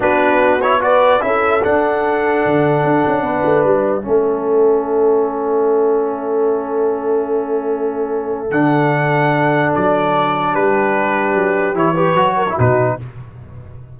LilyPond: <<
  \new Staff \with { instrumentName = "trumpet" } { \time 4/4 \tempo 4 = 148 b'4. cis''8 d''4 e''4 | fis''1~ | fis''4 e''2.~ | e''1~ |
e''1~ | e''4 fis''2. | d''2 b'2~ | b'4 cis''2 b'4 | }
  \new Staff \with { instrumentName = "horn" } { \time 4/4 fis'2 b'4 a'4~ | a'1 | b'2 a'2~ | a'1~ |
a'1~ | a'1~ | a'2 g'2~ | g'4. b'4 ais'8 fis'4 | }
  \new Staff \with { instrumentName = "trombone" } { \time 4/4 d'4. e'8 fis'4 e'4 | d'1~ | d'2 cis'2~ | cis'1~ |
cis'1~ | cis'4 d'2.~ | d'1~ | d'4 e'8 g'8 fis'8. e'16 dis'4 | }
  \new Staff \with { instrumentName = "tuba" } { \time 4/4 b2. cis'4 | d'2 d4 d'8 cis'8 | b8 a8 g4 a2~ | a1~ |
a1~ | a4 d2. | fis2 g2 | fis4 e4 fis4 b,4 | }
>>